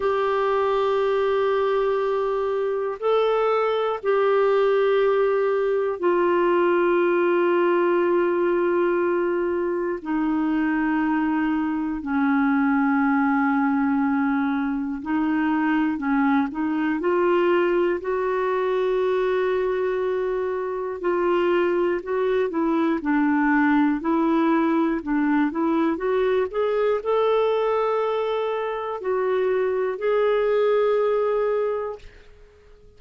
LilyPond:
\new Staff \with { instrumentName = "clarinet" } { \time 4/4 \tempo 4 = 60 g'2. a'4 | g'2 f'2~ | f'2 dis'2 | cis'2. dis'4 |
cis'8 dis'8 f'4 fis'2~ | fis'4 f'4 fis'8 e'8 d'4 | e'4 d'8 e'8 fis'8 gis'8 a'4~ | a'4 fis'4 gis'2 | }